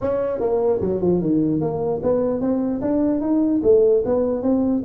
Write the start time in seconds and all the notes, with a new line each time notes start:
0.01 C#4
0.40 A#3
0.81 F#3
1.01 F3
1.20 D#3
1.60 A#3
2.02 B3
2.40 C4
2.81 D4
3.20 D#4
3.63 A3
4.05 B3
4.42 C4